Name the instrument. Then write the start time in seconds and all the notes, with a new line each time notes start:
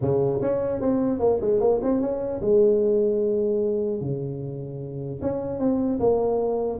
tuba
0.01 C#3
0.41 C#4
0.80 C4
1.19 A#3
1.41 G#3
1.60 A#3
1.82 C4
2.00 C#4
2.41 G#3
4.00 C#3
5.21 C#4
5.59 C4
5.99 A#3